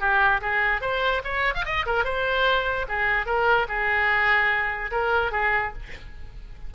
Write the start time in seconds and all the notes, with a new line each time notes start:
0.00 G4
0.41 G#4
0.81 C5
1.24 C#5
1.54 F5
1.65 D#5
1.86 A#4
2.04 C5
2.88 G#4
3.26 A#4
3.68 G#4
4.91 A#4
5.32 G#4